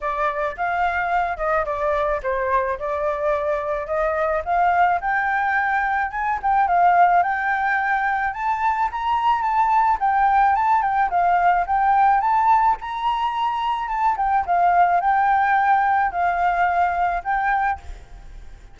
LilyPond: \new Staff \with { instrumentName = "flute" } { \time 4/4 \tempo 4 = 108 d''4 f''4. dis''8 d''4 | c''4 d''2 dis''4 | f''4 g''2 gis''8 g''8 | f''4 g''2 a''4 |
ais''4 a''4 g''4 a''8 g''8 | f''4 g''4 a''4 ais''4~ | ais''4 a''8 g''8 f''4 g''4~ | g''4 f''2 g''4 | }